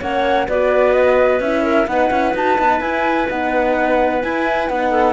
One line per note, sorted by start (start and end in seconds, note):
0.00 0.48 A#3
0.00 0.48 C#4
0.00 0.47 C#5
0.00 0.49 F#5
0.47 1.40 B3
0.47 1.42 F#4
0.47 1.63 B4
0.47 0.93 D5
0.93 1.39 D#5
1.40 1.86 C#4
1.40 1.87 E4
1.40 1.87 E5
1.63 1.86 A#4
1.87 2.10 B3
1.87 2.10 D#4
1.87 4.90 B4
1.87 2.34 F#5
2.10 2.34 C#4
2.10 2.34 E4
2.34 2.58 D#4
2.34 2.58 F#4
2.34 2.81 A5
2.58 2.80 B3
2.58 2.81 D#4
2.80 3.27 E4
2.80 3.28 E4
2.80 3.28 G#5
3.28 4.23 B3
3.28 4.21 D#4
3.28 4.23 F#5
4.21 4.68 E4
4.21 4.69 E4
4.21 4.68 G#5
4.68 5.13 B3
4.68 5.13 D#4
4.68 5.13 F#5
4.90 5.13 A4